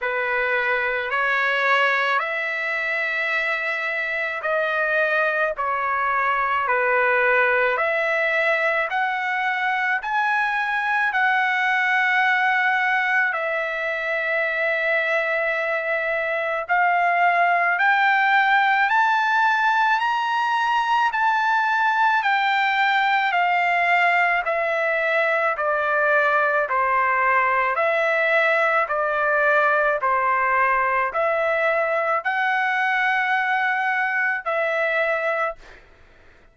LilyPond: \new Staff \with { instrumentName = "trumpet" } { \time 4/4 \tempo 4 = 54 b'4 cis''4 e''2 | dis''4 cis''4 b'4 e''4 | fis''4 gis''4 fis''2 | e''2. f''4 |
g''4 a''4 ais''4 a''4 | g''4 f''4 e''4 d''4 | c''4 e''4 d''4 c''4 | e''4 fis''2 e''4 | }